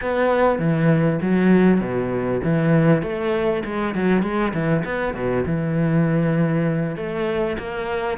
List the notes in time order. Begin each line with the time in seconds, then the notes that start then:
0.01 B3
0.58 E3
1.21 F#3
1.80 B2
2.43 E3
3.02 A3
3.64 G#3
3.94 F#3
4.22 G#3
4.53 E3
4.84 B3
5.13 B2
5.46 E3
6.96 A3
7.58 A#3